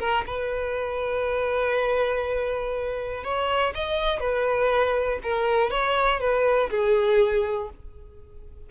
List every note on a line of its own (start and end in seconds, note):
0.00 0.25 A#4
0.27 3.24 B4
3.24 3.74 C#5
3.75 4.20 D#5
4.20 5.20 B4
5.23 5.71 A#4
5.71 6.21 C#5
6.21 6.70 B4
6.71 7.70 G#4